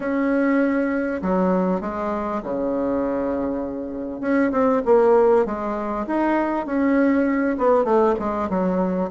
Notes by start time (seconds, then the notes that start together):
0.00 C#4
1.21 F#3
1.80 G#3
2.43 C#3
4.20 C#4
4.51 C4
4.85 A#3
5.45 G#3
6.06 D#4
6.65 C#4
7.58 B3
7.84 A3
8.19 G#3
8.49 F#3